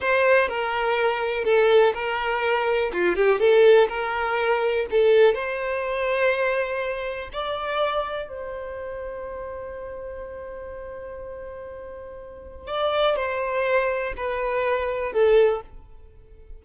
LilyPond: \new Staff \with { instrumentName = "violin" } { \time 4/4 \tempo 4 = 123 c''4 ais'2 a'4 | ais'2 f'8 g'8 a'4 | ais'2 a'4 c''4~ | c''2. d''4~ |
d''4 c''2.~ | c''1~ | c''2 d''4 c''4~ | c''4 b'2 a'4 | }